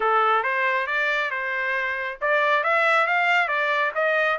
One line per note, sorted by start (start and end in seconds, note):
0.00 0.43 A4
0.43 0.86 C5
0.86 1.30 D5
1.30 2.18 C5
2.21 2.63 D5
2.63 3.07 E5
3.07 3.47 F5
3.47 3.91 D5
3.95 4.38 D#5